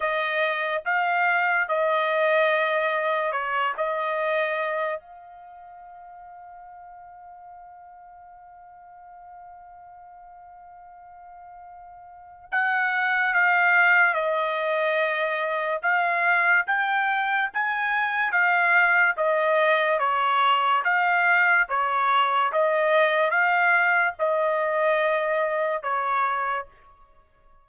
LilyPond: \new Staff \with { instrumentName = "trumpet" } { \time 4/4 \tempo 4 = 72 dis''4 f''4 dis''2 | cis''8 dis''4. f''2~ | f''1~ | f''2. fis''4 |
f''4 dis''2 f''4 | g''4 gis''4 f''4 dis''4 | cis''4 f''4 cis''4 dis''4 | f''4 dis''2 cis''4 | }